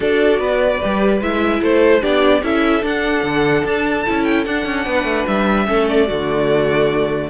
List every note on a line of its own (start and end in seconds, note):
0.00 0.38 D4
0.00 0.81 F#4
0.00 0.39 A4
0.00 1.22 D5
0.38 0.79 B3
0.38 1.61 B4
0.81 1.20 G3
0.81 1.21 G4
1.20 1.61 G#3
1.20 2.01 E4
1.20 1.62 E5
1.61 2.03 A3
1.61 2.01 A4
1.61 2.03 C5
2.01 2.42 B3
2.01 2.41 D4
2.01 2.42 G4
2.01 2.43 D5
2.42 2.82 C#4
2.42 2.81 E4
2.42 4.85 A4
2.42 2.84 E5
2.81 4.03 D4
2.81 3.23 D4
2.81 3.67 F#5
3.23 3.63 D3
3.64 4.05 D4
3.64 4.24 A5
4.06 4.46 C#4
4.06 4.46 E4
4.24 4.44 G5
4.45 5.66 D4
4.45 4.65 D4
4.45 5.26 F#5
4.65 4.86 C#4
4.85 5.03 B3
4.85 5.66 B4
5.03 5.24 A3
5.27 5.68 G3
5.27 5.87 E5
5.66 6.09 A3
5.66 6.06 C#4
5.66 6.07 A4
5.88 7.30 D5
6.07 7.30 D3
6.07 7.30 A3
6.07 7.29 F#4